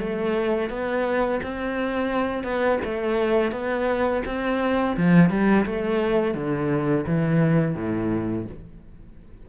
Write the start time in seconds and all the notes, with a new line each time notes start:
0.00 A3
0.70 B3
1.43 C4
2.44 B3
2.85 A3
3.52 B3
4.26 C4
4.97 F3
5.30 G3
5.66 A3
6.35 D3
7.07 E3
7.75 A2